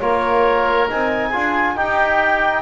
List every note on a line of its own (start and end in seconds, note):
0.00 0.90 A#3
0.00 0.88 F4
0.00 1.30 A#4
0.00 0.88 C#5
0.89 1.35 C4
0.89 1.33 D#4
0.89 1.77 G#5
1.30 1.77 D4
1.30 1.76 F4
1.30 1.74 G#4
1.76 2.62 D#4
1.76 2.62 G4
1.76 2.62 G5